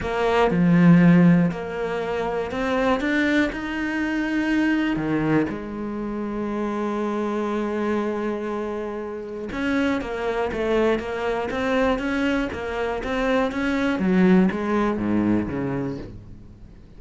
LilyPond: \new Staff \with { instrumentName = "cello" } { \time 4/4 \tempo 4 = 120 ais4 f2 ais4~ | ais4 c'4 d'4 dis'4~ | dis'2 dis4 gis4~ | gis1~ |
gis2. cis'4 | ais4 a4 ais4 c'4 | cis'4 ais4 c'4 cis'4 | fis4 gis4 gis,4 cis4 | }